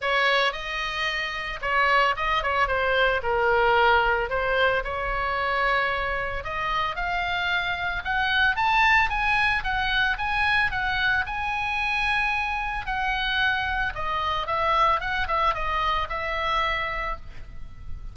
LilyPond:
\new Staff \with { instrumentName = "oboe" } { \time 4/4 \tempo 4 = 112 cis''4 dis''2 cis''4 | dis''8 cis''8 c''4 ais'2 | c''4 cis''2. | dis''4 f''2 fis''4 |
a''4 gis''4 fis''4 gis''4 | fis''4 gis''2. | fis''2 dis''4 e''4 | fis''8 e''8 dis''4 e''2 | }